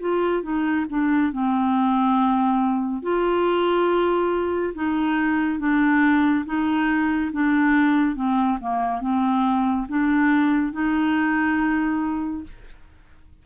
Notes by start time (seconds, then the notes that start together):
0.00 F4
0.43 D#4
0.90 D4
1.32 C4
3.02 F4
4.74 D#4
5.59 D4
6.45 D#4
7.32 D4
8.15 C4
8.60 A#3
9.01 C4
9.88 D4
10.72 D#4